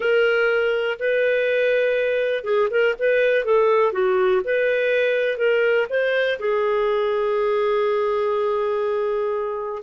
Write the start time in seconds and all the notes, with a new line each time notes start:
0.00 A#4
0.99 B4
2.43 G#4
2.70 A#4
2.98 B4
3.44 A4
3.92 F#4
4.44 B4
5.37 A#4
5.89 C5
6.39 G#4